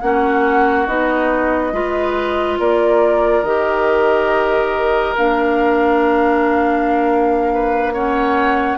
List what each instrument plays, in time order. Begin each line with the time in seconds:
0.00 bassoon A#3, clarinet C#4, oboe F#4, flute F#5
0.86 bassoon B3, clarinet D#4, flute D#5
1.72 bassoon G#3, clarinet F4, oboe B4
2.58 bassoon A#3, oboe A#4, flute D5
3.42 bassoon D#3, clarinet G4, flute D#5
5.16 bassoon A#3, clarinet D4, flute F5
7.53 oboe B4
7.93 clarinet C#4, oboe C#5, flute F#5